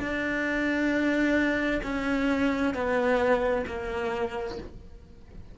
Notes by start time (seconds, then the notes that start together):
0.00 D4
1.84 C#4
2.75 B3
3.67 A#3